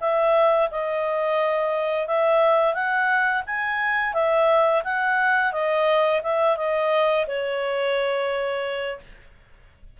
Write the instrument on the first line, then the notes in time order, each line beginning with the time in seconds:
clarinet
0.00 E5
0.71 D#5
2.07 E5
2.74 F#5
3.46 G#5
4.13 E5
4.84 F#5
5.52 D#5
6.22 E5
6.56 D#5
7.27 C#5